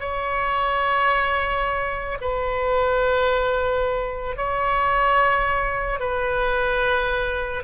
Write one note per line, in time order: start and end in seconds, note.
0.00 2.18 C#5
2.21 4.36 B4
4.36 6.00 C#5
6.00 7.63 B4